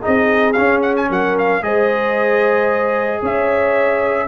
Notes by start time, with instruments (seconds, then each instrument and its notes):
0.00 trombone D#4, horn G#4, trumpet D#5
0.07 tuba C4
0.53 trombone C#4, tuba C#4, trumpet F5
0.82 trumpet F#5
0.96 trumpet G#5
1.09 tuba F#3, horn A#4, trumpet F#5
1.38 trumpet F5
1.62 tuba G#3, trombone G#4, horn C5, trumpet D#5
3.21 tuba C#4, horn C#5, trumpet E5